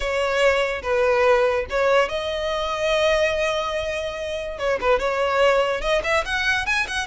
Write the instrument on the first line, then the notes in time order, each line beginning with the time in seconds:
violin
0.00 C#5
0.82 B4
1.70 C#5
2.09 D#5
4.58 C#5
4.80 B4
4.99 C#5
5.81 D#5
6.03 E5
6.25 F#5
6.66 G#5
6.87 F#5